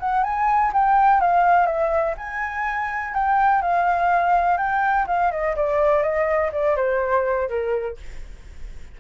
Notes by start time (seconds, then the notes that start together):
0.00 F#5
0.24 G#5
0.73 G5
1.21 F5
1.66 E5
2.18 G#5
3.14 G5
3.62 F5
4.58 G5
5.07 F5
5.32 D#5
5.56 D5
6.03 D#5
6.52 D5
6.77 C5
7.49 A#4